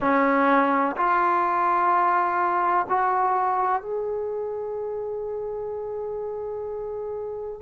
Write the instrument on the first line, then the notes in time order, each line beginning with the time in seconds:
trombone
0.00 C#4
0.96 F4
2.89 F#4
3.82 G#4